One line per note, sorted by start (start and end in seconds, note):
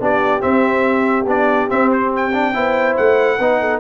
0.00 0.42 B3
0.00 0.40 D4
0.00 2.54 G4
0.00 0.42 D5
0.40 1.25 C4
0.40 1.26 C4
0.40 1.26 E5
1.26 1.68 B3
1.26 1.69 D4
1.26 1.70 D5
1.69 2.32 C4
1.69 2.55 C4
1.69 1.91 E5
1.92 2.13 C5
2.16 2.97 G5
2.33 2.54 D4
2.54 2.97 B3
2.54 3.39 E4
2.54 3.38 C5
2.97 3.39 A3
2.97 3.80 F#5
3.38 3.80 B3
3.38 3.80 D#4
3.38 3.59 B4
3.60 3.80 A4